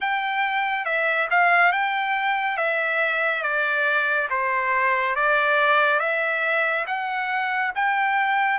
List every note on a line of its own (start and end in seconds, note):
0.00 0.85 G5
0.85 1.28 E5
1.30 1.72 F5
1.72 2.57 G5
2.57 3.42 E5
3.42 4.28 D5
4.30 5.15 C5
5.15 5.99 D5
5.99 6.85 E5
6.86 7.72 F#5
7.75 8.59 G5